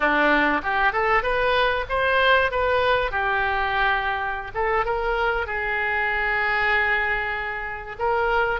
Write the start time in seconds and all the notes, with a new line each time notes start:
0.00 D4
0.62 G4
0.92 A4
1.22 B4
1.89 C5
2.51 B4
3.11 G4
4.54 A4
4.85 A#4
5.46 G#4
7.99 A#4